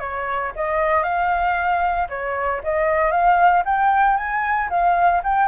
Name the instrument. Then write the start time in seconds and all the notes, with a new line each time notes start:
flute
0.00 C#5
0.56 D#5
1.04 F5
2.09 C#5
2.64 D#5
3.11 F5
3.65 G5
4.17 G#5
4.70 F5
5.24 G5